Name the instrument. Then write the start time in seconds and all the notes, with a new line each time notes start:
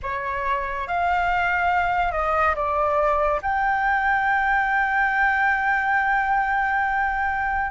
flute
0.02 C#5
0.87 F5
2.12 D#5
2.55 D5
3.42 G5